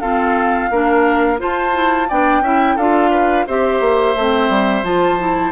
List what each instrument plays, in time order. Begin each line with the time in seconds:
0.00 clarinet C4, bassoon F4, oboe A4, flute F5
0.71 bassoon A#3, clarinet D4, oboe A#4
1.37 clarinet F4, bassoon F4, oboe C5, flute A5
1.73 clarinet E4
2.08 bassoon B3, clarinet D4, oboe D5, flute G5
2.41 bassoon C#4, clarinet E4, oboe E5
2.75 bassoon D4, clarinet F4, oboe A4, flute F5
3.10 oboe B4
3.47 bassoon C4, clarinet G4, oboe C5, flute E5
3.80 bassoon A#3
4.15 bassoon A3, clarinet C4
4.49 bassoon G3
4.83 bassoon F3, clarinet F4, flute A5
5.19 clarinet E4